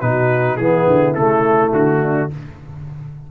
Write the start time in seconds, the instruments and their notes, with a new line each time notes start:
0.00 tuba B2, trombone D#4, horn F#4, trumpet B4
0.57 tuba E3, trombone B3, horn E4, trumpet G#4
0.87 tuba D3
1.14 tuba C#3, trombone A3, trumpet A4
1.73 tuba D3, trumpet F#4
2.02 horn D4